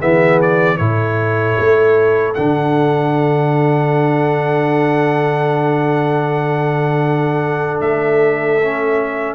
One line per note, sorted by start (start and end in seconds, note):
0.00 0.80 E3
0.00 0.79 B3
0.00 0.78 G#4
0.00 0.41 E5
0.42 0.78 D5
0.78 1.58 A2
0.78 2.35 E4
0.78 9.36 A4
0.78 2.34 C#5
1.59 2.37 A3
2.35 7.81 D3
2.35 8.61 D4
2.35 7.80 F#5
7.81 9.36 A3
7.81 9.36 E5
8.62 9.36 C#4